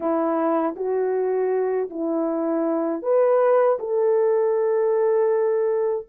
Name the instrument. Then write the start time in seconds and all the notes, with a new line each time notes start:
horn
0.00 E4
0.76 F#4
1.90 E4
3.02 B4
3.79 A4